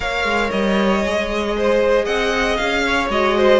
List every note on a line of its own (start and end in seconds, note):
0.00 0.24 A#3
0.00 1.03 A#4
0.00 1.55 C#5
0.00 0.50 F5
0.24 0.50 G#3
0.50 1.04 G3
0.50 2.05 D#5
1.04 2.06 G#3
1.04 3.10 G#4
1.57 2.04 C5
2.04 2.58 C4
2.04 2.82 D#5
2.04 2.56 F#5
2.56 3.09 C#4
2.56 3.08 F5
2.86 3.37 C#5
3.09 3.60 G#3
3.09 3.60 F#4
3.09 3.60 D#5
3.37 3.60 C5